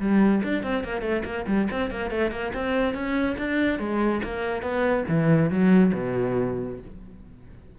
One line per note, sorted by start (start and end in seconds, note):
0.00 0.42 G3
0.44 0.63 D4
0.63 0.84 C4
0.84 1.02 A#3
1.02 1.23 A3
1.25 1.46 A#3
1.47 1.68 G3
1.71 1.91 C4
1.91 2.11 A#3
2.11 2.31 A3
2.31 2.52 A#3
2.54 2.94 C4
2.94 3.36 C#4
3.38 3.79 D4
3.79 4.21 G#3
4.24 4.62 A#3
4.62 5.05 B3
5.08 5.50 E3
5.50 5.93 F#3
5.94 6.79 B2